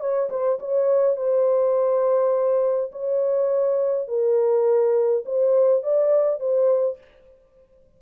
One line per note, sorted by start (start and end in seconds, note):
0.00 0.29 C#5
0.30 0.59 C5
0.59 1.17 C#5
1.17 2.91 C5
2.92 4.08 C#5
4.08 5.24 A#4
5.25 5.83 C5
5.83 6.39 D5
6.39 6.98 C5